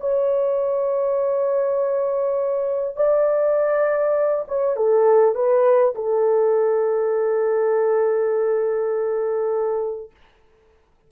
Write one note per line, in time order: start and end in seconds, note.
0.00 2.96 C#5
2.96 4.44 D5
4.47 4.76 C#5
4.76 5.35 A4
5.35 5.94 B4
5.95 10.10 A4